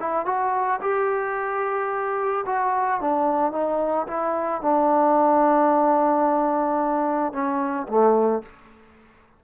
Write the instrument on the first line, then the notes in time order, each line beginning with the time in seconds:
trombone
0.00 E4
0.26 F#4
0.81 G4
2.46 F#4
3.01 D4
3.52 D#4
4.07 E4
4.61 D4
7.32 C#4
7.88 A3